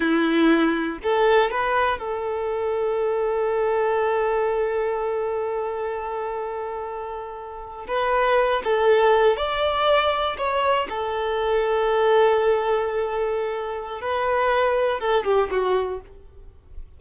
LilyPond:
\new Staff \with { instrumentName = "violin" } { \time 4/4 \tempo 4 = 120 e'2 a'4 b'4 | a'1~ | a'1~ | a'2.~ a'8. b'16~ |
b'4~ b'16 a'4. d''4~ d''16~ | d''8. cis''4 a'2~ a'16~ | a'1 | b'2 a'8 g'8 fis'4 | }